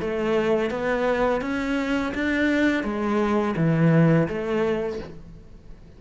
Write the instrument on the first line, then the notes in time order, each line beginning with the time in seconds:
cello
0.00 A3
0.70 B3
1.41 C#4
2.14 D4
2.83 G#3
3.56 E3
4.28 A3